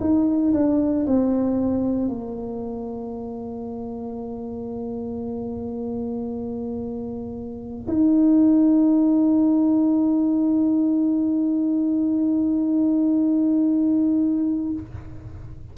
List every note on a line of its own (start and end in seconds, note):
0.00 0.53 D#4
0.53 1.06 D4
1.06 2.08 C4
2.08 7.87 A#3
7.88 14.72 D#4